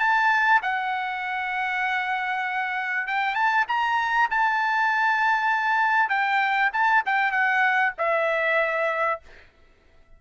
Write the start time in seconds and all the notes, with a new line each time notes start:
0.00 A5
0.63 F#5
3.08 G5
3.35 A5
3.68 A#5
4.31 A5
6.10 G5
6.73 A5
7.06 G5
7.32 F#5
7.99 E5